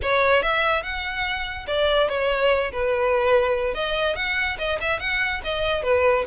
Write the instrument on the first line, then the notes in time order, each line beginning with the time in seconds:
violin
0.02 C#5
0.42 E5
0.82 F#5
1.67 D5
2.09 C#5
2.72 B4
3.74 D#5
4.15 F#5
4.58 D#5
4.80 E5
4.99 F#5
5.44 D#5
5.83 B4